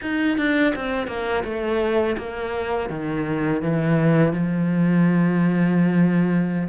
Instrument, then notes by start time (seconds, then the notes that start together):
cello
0.01 D#4
0.37 D4
0.75 C4
1.07 A#3
1.44 A3
2.17 A#3
2.89 D#3
3.62 E3
4.32 F3